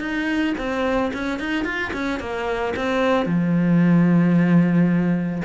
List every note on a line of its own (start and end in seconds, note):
0.00 0.54 D#4
0.58 1.12 C4
1.14 1.39 C#4
1.39 1.64 D#4
1.64 1.91 F4
1.93 2.20 C#4
2.20 2.74 A#3
2.76 3.26 C4
3.26 5.42 F3